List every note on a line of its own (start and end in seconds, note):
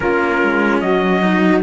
0.00 0.42 A#3
0.00 1.21 C#4
0.00 0.82 F4
0.00 0.80 A#4
0.42 0.82 G#3
0.80 1.62 F#3
0.80 1.62 F#4
0.80 1.61 D#5
1.21 1.62 D#4